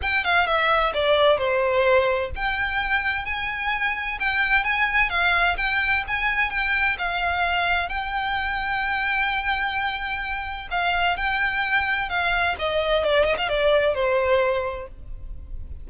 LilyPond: \new Staff \with { instrumentName = "violin" } { \time 4/4 \tempo 4 = 129 g''8 f''8 e''4 d''4 c''4~ | c''4 g''2 gis''4~ | gis''4 g''4 gis''4 f''4 | g''4 gis''4 g''4 f''4~ |
f''4 g''2.~ | g''2. f''4 | g''2 f''4 dis''4 | d''8 dis''16 f''16 d''4 c''2 | }